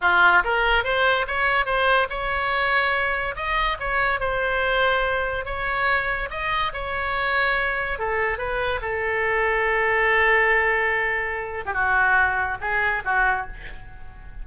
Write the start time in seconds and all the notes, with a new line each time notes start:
0.01 F4
0.44 A#4
0.84 C5
1.27 C#5
1.65 C5
2.09 C#5
3.35 D#5
3.79 C#5
4.20 C5
5.45 C#5
6.30 D#5
6.73 C#5
7.98 A4
8.37 B4
8.81 A4
11.65 G4
11.73 F#4
12.60 G#4
13.05 F#4